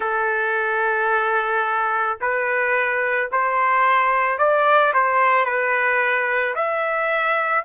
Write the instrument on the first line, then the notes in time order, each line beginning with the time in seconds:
trumpet
0.00 A4
2.21 B4
3.31 C5
4.38 D5
4.93 C5
5.45 B4
6.55 E5